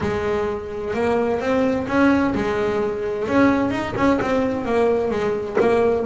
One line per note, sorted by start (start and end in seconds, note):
0.01 0.94 G#3
0.94 1.40 A#3
1.40 1.86 C4
1.87 2.34 C#4
2.34 3.27 G#3
3.28 3.70 C#4
3.70 3.93 D#4
3.96 4.19 C#4
4.21 4.65 C4
4.65 5.10 A#3
5.10 5.57 G#3
5.60 6.06 A#3